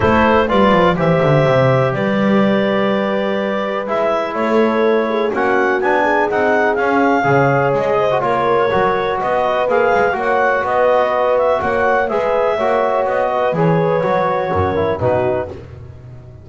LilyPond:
<<
  \new Staff \with { instrumentName = "clarinet" } { \time 4/4 \tempo 4 = 124 c''4 d''4 e''2 | d''1 | e''4 cis''2 fis''4 | gis''4 fis''4 f''2 |
dis''4 cis''2 dis''4 | f''4 fis''4 dis''4. e''8 | fis''4 e''2 dis''4 | cis''2. b'4 | }
  \new Staff \with { instrumentName = "horn" } { \time 4/4 a'4 b'4 c''2 | b'1~ | b'4 a'4. gis'8 fis'4~ | fis'8 gis'2~ gis'8 cis''4~ |
cis''8 c''8 ais'2 b'4~ | b'4 cis''4 b'2 | cis''4 b'4 cis''4. b'8~ | b'2 ais'4 fis'4 | }
  \new Staff \with { instrumentName = "trombone" } { \time 4/4 e'4 f'4 g'2~ | g'1 | e'2. cis'4 | d'4 dis'4 cis'4 gis'4~ |
gis'8. fis'16 f'4 fis'2 | gis'4 fis'2.~ | fis'4 gis'4 fis'2 | gis'4 fis'4. e'8 dis'4 | }
  \new Staff \with { instrumentName = "double bass" } { \time 4/4 a4 g8 f8 e8 d8 c4 | g1 | gis4 a2 ais4 | b4 c'4 cis'4 cis4 |
gis4 ais4 fis4 b4 | ais8 gis8 ais4 b2 | ais4 gis4 ais4 b4 | e4 fis4 fis,4 b,4 | }
>>